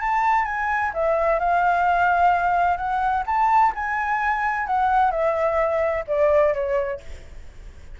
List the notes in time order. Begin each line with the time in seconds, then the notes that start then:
0.00 A5
0.45 G#5
0.94 E5
1.39 F5
2.77 F#5
3.26 A5
3.75 G#5
4.66 F#5
5.11 E5
6.07 D5
6.53 C#5